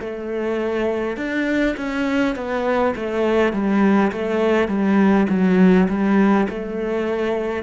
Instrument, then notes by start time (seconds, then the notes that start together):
cello
0.00 A3
1.17 D4
1.76 C#4
2.35 B3
2.95 A3
3.52 G3
4.12 A3
4.68 G3
5.29 F#3
5.88 G3
6.49 A3